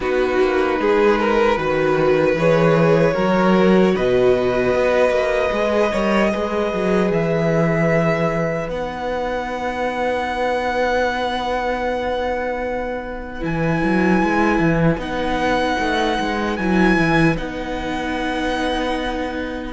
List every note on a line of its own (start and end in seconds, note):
0.00 0.37 B3
0.00 1.57 D#4
0.00 0.79 F#4
0.00 2.38 B4
0.39 0.79 A#3
0.79 1.57 G#3
0.79 1.19 G#4
1.19 1.58 A#4
1.57 2.35 D#3
1.57 2.36 F#4
1.57 3.13 B4
2.35 3.14 E3
2.35 3.13 G#4
2.35 3.96 C#5
3.13 3.95 F#3
3.13 5.50 F#4
3.13 3.92 A#4
3.95 4.74 B2
3.95 5.91 B4
3.95 7.11 D#5
4.74 5.10 B3
5.10 5.49 A#3
5.52 5.91 G#3
5.52 5.92 G#4
5.91 6.33 G3
5.91 6.31 A#4
5.91 6.31 C#5
6.32 6.73 G#3
6.32 8.66 G#4
6.32 19.73 B4
6.73 7.11 F#3
7.11 8.68 E3
7.11 8.69 E5
8.66 13.42 B3
8.66 13.40 D#4
8.66 13.43 F#5
13.40 13.82 E3
13.40 14.98 E4
13.40 15.00 G#5
13.83 14.22 F#3
14.23 14.59 G#3
14.59 14.97 E3
14.97 15.76 B3
14.97 16.56 D#4
14.97 16.56 F#5
15.79 16.18 A3
16.19 16.59 G#3
16.56 16.97 F#3
16.56 17.36 E4
16.56 17.35 G#5
16.97 17.36 E3
17.36 19.73 B3
17.36 19.73 D#4
17.36 19.73 F#5